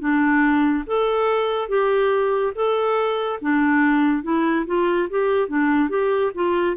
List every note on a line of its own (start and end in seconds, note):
0.00 0.85 D4
0.87 1.69 A4
1.69 2.53 G4
2.55 3.40 A4
3.41 4.23 D4
4.23 4.66 E4
4.66 5.09 F4
5.10 5.49 G4
5.49 5.90 D4
5.90 6.32 G4
6.35 6.77 F4